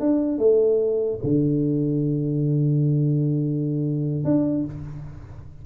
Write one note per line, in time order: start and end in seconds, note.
0.00 0.38 D4
0.38 1.19 A3
1.23 4.24 D3
4.24 4.65 D4